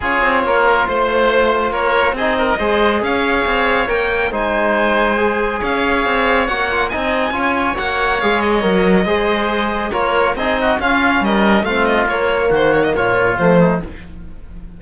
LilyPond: <<
  \new Staff \with { instrumentName = "violin" } { \time 4/4 \tempo 4 = 139 cis''2 c''2 | cis''4 dis''2 f''4~ | f''4 g''4 gis''2~ | gis''4 f''2 fis''4 |
gis''2 fis''4 f''8 dis''8~ | dis''2. cis''4 | dis''4 f''4 dis''4 f''8 dis''8 | cis''4 c''8 cis''16 dis''16 cis''4 c''4 | }
  \new Staff \with { instrumentName = "oboe" } { \time 4/4 gis'4 ais'4 c''2 | ais'4 gis'8 ais'8 c''4 cis''4~ | cis''2 c''2~ | c''4 cis''2. |
dis''4 cis''2.~ | cis''4 c''2 ais'4 | gis'8 fis'8 f'4 ais'4 f'4~ | f'4 fis'4 f'4. dis'8 | }
  \new Staff \with { instrumentName = "trombone" } { \time 4/4 f'1~ | f'4 dis'4 gis'2~ | gis'4 ais'4 dis'2 | gis'2. fis'8 f'8 |
dis'4 f'4 fis'4 gis'4 | ais'4 gis'2 f'4 | dis'4 cis'2 c'4 | ais2. a4 | }
  \new Staff \with { instrumentName = "cello" } { \time 4/4 cis'8 c'8 ais4 a2 | ais4 c'4 gis4 cis'4 | c'4 ais4 gis2~ | gis4 cis'4 c'4 ais4 |
c'4 cis'4 ais4 gis4 | fis4 gis2 ais4 | c'4 cis'4 g4 a4 | ais4 dis4 ais,4 f4 | }
>>